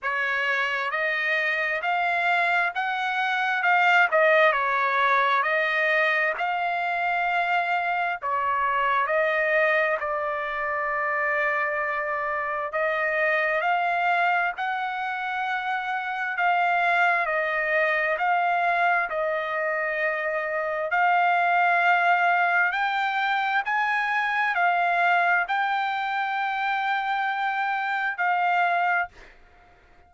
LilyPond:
\new Staff \with { instrumentName = "trumpet" } { \time 4/4 \tempo 4 = 66 cis''4 dis''4 f''4 fis''4 | f''8 dis''8 cis''4 dis''4 f''4~ | f''4 cis''4 dis''4 d''4~ | d''2 dis''4 f''4 |
fis''2 f''4 dis''4 | f''4 dis''2 f''4~ | f''4 g''4 gis''4 f''4 | g''2. f''4 | }